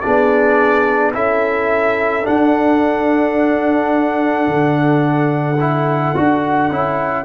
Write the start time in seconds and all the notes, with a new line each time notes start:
0.00 B3 D4 G#4 D5
1.13 C#4 E4 A4 E5
2.22 D4 F#5
2.28 D4
4.47 D3
5.60 E4
6.15 D4 F#4
6.70 C#4 E4